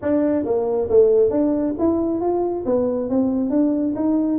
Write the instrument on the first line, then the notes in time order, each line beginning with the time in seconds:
tuba
0.02 D4
0.44 A#3
0.89 A3
1.30 D4
1.78 E4
2.20 F4
2.65 B3
3.09 C4
3.50 D4
3.95 D#4